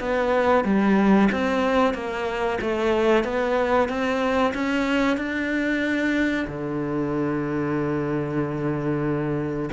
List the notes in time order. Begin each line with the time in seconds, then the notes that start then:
0.00 B3
0.65 G3
1.32 C4
1.94 A#3
2.62 A3
3.25 B3
3.89 C4
4.54 C#4
5.18 D4
6.48 D3